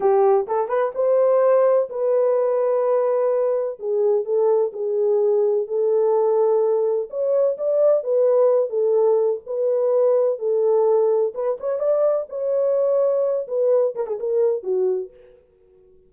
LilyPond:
\new Staff \with { instrumentName = "horn" } { \time 4/4 \tempo 4 = 127 g'4 a'8 b'8 c''2 | b'1 | gis'4 a'4 gis'2 | a'2. cis''4 |
d''4 b'4. a'4. | b'2 a'2 | b'8 cis''8 d''4 cis''2~ | cis''8 b'4 ais'16 gis'16 ais'4 fis'4 | }